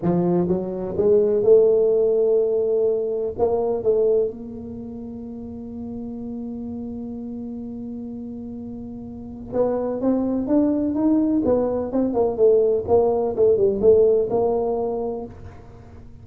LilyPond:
\new Staff \with { instrumentName = "tuba" } { \time 4/4 \tempo 4 = 126 f4 fis4 gis4 a4~ | a2. ais4 | a4 ais2.~ | ais1~ |
ais1 | b4 c'4 d'4 dis'4 | b4 c'8 ais8 a4 ais4 | a8 g8 a4 ais2 | }